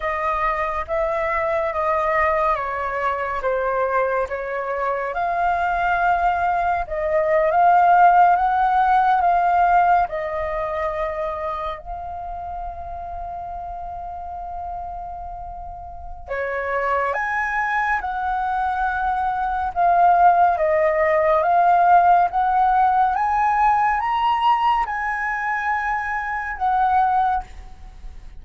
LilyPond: \new Staff \with { instrumentName = "flute" } { \time 4/4 \tempo 4 = 70 dis''4 e''4 dis''4 cis''4 | c''4 cis''4 f''2 | dis''8. f''4 fis''4 f''4 dis''16~ | dis''4.~ dis''16 f''2~ f''16~ |
f''2. cis''4 | gis''4 fis''2 f''4 | dis''4 f''4 fis''4 gis''4 | ais''4 gis''2 fis''4 | }